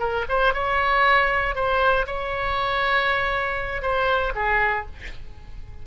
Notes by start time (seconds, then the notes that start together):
0.00 A#4
0.29 C5
0.54 C#5
1.56 C5
2.07 C#5
3.83 C5
4.36 G#4